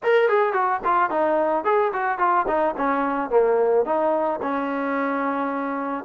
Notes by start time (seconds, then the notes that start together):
0.03 A#4
0.28 G#4
0.53 F#4
0.84 F4
1.10 D#4
1.64 G#4
1.92 F#4
2.18 F4
2.47 D#4
2.77 C#4
3.30 A#3
3.85 D#4
4.42 C#4